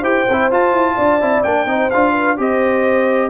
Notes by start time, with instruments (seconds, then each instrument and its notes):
0.00 tuba E4, trombone G4, horn C5, trumpet G5
0.29 tuba C4, trombone E4
0.51 trombone F4, tuba F4, trumpet A5
0.72 tuba E4
0.95 tuba D4, horn D5
1.20 tuba C4, trombone E4
1.43 tuba A#3, trombone D4, trumpet G5
1.65 tuba C4, trombone D#4, horn C5
1.90 tuba D4, trombone F4, trumpet F5
2.13 horn B4
2.37 tuba C4, trombone G4, horn C5, trumpet D#5